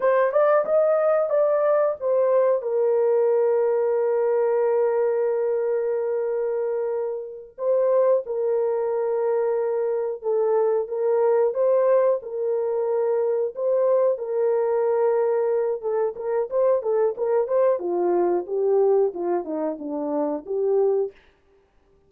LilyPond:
\new Staff \with { instrumentName = "horn" } { \time 4/4 \tempo 4 = 91 c''8 d''8 dis''4 d''4 c''4 | ais'1~ | ais'2.~ ais'8 c''8~ | c''8 ais'2. a'8~ |
a'8 ais'4 c''4 ais'4.~ | ais'8 c''4 ais'2~ ais'8 | a'8 ais'8 c''8 a'8 ais'8 c''8 f'4 | g'4 f'8 dis'8 d'4 g'4 | }